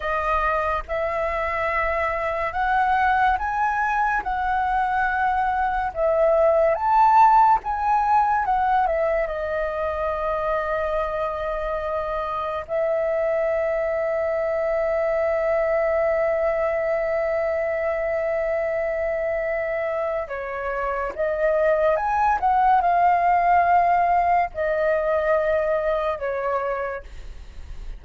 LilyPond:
\new Staff \with { instrumentName = "flute" } { \time 4/4 \tempo 4 = 71 dis''4 e''2 fis''4 | gis''4 fis''2 e''4 | a''4 gis''4 fis''8 e''8 dis''4~ | dis''2. e''4~ |
e''1~ | e''1 | cis''4 dis''4 gis''8 fis''8 f''4~ | f''4 dis''2 cis''4 | }